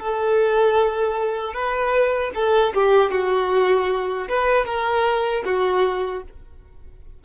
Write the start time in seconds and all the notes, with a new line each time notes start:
0.00 A4
1.54 B4
2.35 A4
2.74 G4
3.11 F#4
4.29 B4
4.66 A#4
5.45 F#4